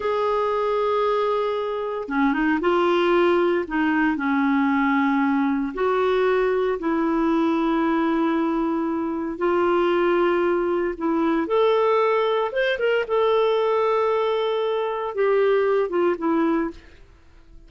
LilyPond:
\new Staff \with { instrumentName = "clarinet" } { \time 4/4 \tempo 4 = 115 gis'1 | cis'8 dis'8 f'2 dis'4 | cis'2. fis'4~ | fis'4 e'2.~ |
e'2 f'2~ | f'4 e'4 a'2 | c''8 ais'8 a'2.~ | a'4 g'4. f'8 e'4 | }